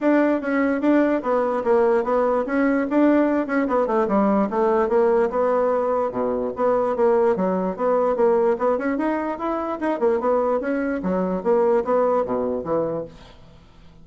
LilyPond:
\new Staff \with { instrumentName = "bassoon" } { \time 4/4 \tempo 4 = 147 d'4 cis'4 d'4 b4 | ais4 b4 cis'4 d'4~ | d'8 cis'8 b8 a8 g4 a4 | ais4 b2 b,4 |
b4 ais4 fis4 b4 | ais4 b8 cis'8 dis'4 e'4 | dis'8 ais8 b4 cis'4 fis4 | ais4 b4 b,4 e4 | }